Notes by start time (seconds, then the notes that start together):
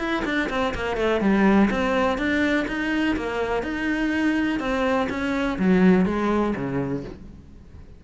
0.00 E4
0.25 D4
0.50 C4
0.75 A#3
0.97 A3
1.21 G3
1.71 C4
2.18 D4
2.68 D#4
3.17 A#3
3.63 D#4
4.60 C4
5.10 C#4
5.59 F#3
6.06 G#3
6.56 C#3